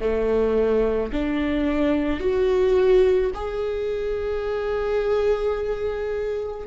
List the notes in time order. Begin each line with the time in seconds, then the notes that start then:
0.00 A3
1.12 D4
2.20 F#4
3.34 G#4